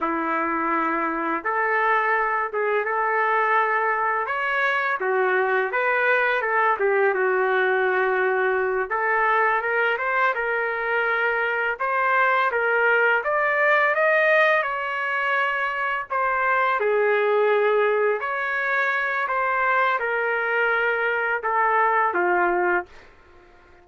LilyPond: \new Staff \with { instrumentName = "trumpet" } { \time 4/4 \tempo 4 = 84 e'2 a'4. gis'8 | a'2 cis''4 fis'4 | b'4 a'8 g'8 fis'2~ | fis'8 a'4 ais'8 c''8 ais'4.~ |
ais'8 c''4 ais'4 d''4 dis''8~ | dis''8 cis''2 c''4 gis'8~ | gis'4. cis''4. c''4 | ais'2 a'4 f'4 | }